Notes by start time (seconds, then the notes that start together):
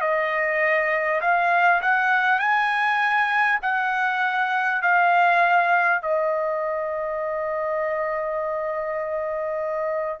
0.00 D#5
1.21 F5
1.81 F#5
2.39 G#5
3.62 F#5
4.82 F5
6.02 D#5